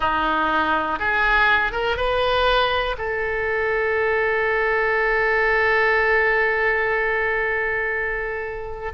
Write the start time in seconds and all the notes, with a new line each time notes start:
0.00 D#4
0.99 G#4
1.72 A#4
1.96 B4
2.98 A4